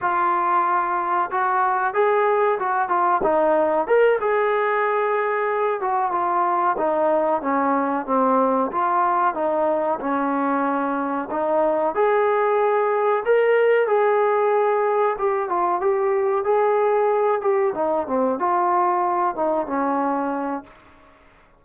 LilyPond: \new Staff \with { instrumentName = "trombone" } { \time 4/4 \tempo 4 = 93 f'2 fis'4 gis'4 | fis'8 f'8 dis'4 ais'8 gis'4.~ | gis'4 fis'8 f'4 dis'4 cis'8~ | cis'8 c'4 f'4 dis'4 cis'8~ |
cis'4. dis'4 gis'4.~ | gis'8 ais'4 gis'2 g'8 | f'8 g'4 gis'4. g'8 dis'8 | c'8 f'4. dis'8 cis'4. | }